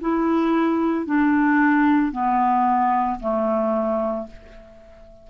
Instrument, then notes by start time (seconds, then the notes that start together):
clarinet
0.00 E4
1.05 D4
2.11 B3
3.19 A3